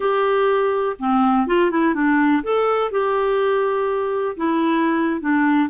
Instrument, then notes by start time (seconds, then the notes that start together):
clarinet
0.00 G4
0.99 C4
1.46 F4
1.71 E4
1.94 D4
2.43 A4
2.91 G4
4.37 E4
5.20 D4